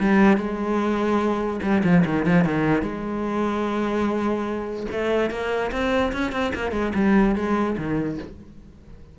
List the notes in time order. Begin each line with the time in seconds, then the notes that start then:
0.00 G3
0.38 G#3
1.63 G3
1.84 F3
2.06 D#3
2.26 F3
2.45 D#3
2.83 G#3
4.92 A3
5.31 A#3
5.72 C4
6.13 C#4
6.32 C4
6.55 A#3
6.72 G#3
6.95 G3
7.36 G#3
7.78 D#3